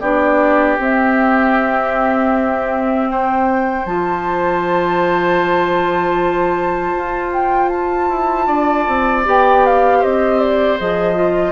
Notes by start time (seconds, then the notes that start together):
0.00 B3 D4 G4 D5
0.78 C4 E5
3.09 C5 G5
3.85 F3 F4 A5
6.96 F4
7.32 G5
7.69 A5
8.09 E4
8.47 D4 D5
8.87 C4
9.25 B3 G4 G5
9.65 F5
9.98 C4 C5 D#5
10.40 D5
10.78 F3 G#4 D#5
11.15 F4